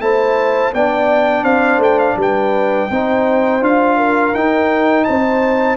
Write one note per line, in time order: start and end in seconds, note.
0.00 0.72 A3
0.00 0.73 E4
0.00 0.74 C5
0.00 0.73 A5
0.73 1.43 B3
0.73 2.90 D4
0.73 1.44 D5
0.73 1.44 G5
1.43 1.78 C4
1.43 2.16 C5
1.43 1.80 F5
1.78 2.14 A3
1.78 1.99 G5
1.99 2.17 F5
2.16 2.88 G3
2.16 2.89 B4
2.16 3.64 G5
2.89 3.61 C4
2.89 3.61 D#4
2.89 3.97 C5
3.61 4.33 D4
3.61 4.33 F4
3.61 4.35 F5
3.97 5.05 A#4
4.34 5.06 D#4
4.34 5.77 D#4
4.34 5.04 G5
5.04 5.77 C4
5.04 5.77 C5
5.04 5.77 A5